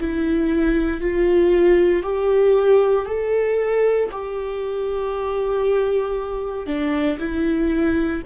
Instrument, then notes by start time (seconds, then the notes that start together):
viola
0.00 E4
1.01 F4
2.03 G4
3.06 A4
4.11 G4
6.66 D4
7.19 E4